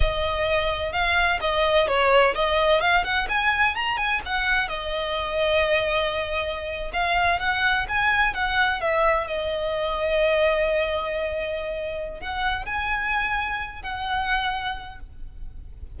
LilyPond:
\new Staff \with { instrumentName = "violin" } { \time 4/4 \tempo 4 = 128 dis''2 f''4 dis''4 | cis''4 dis''4 f''8 fis''8 gis''4 | ais''8 gis''8 fis''4 dis''2~ | dis''2~ dis''8. f''4 fis''16~ |
fis''8. gis''4 fis''4 e''4 dis''16~ | dis''1~ | dis''2 fis''4 gis''4~ | gis''4. fis''2~ fis''8 | }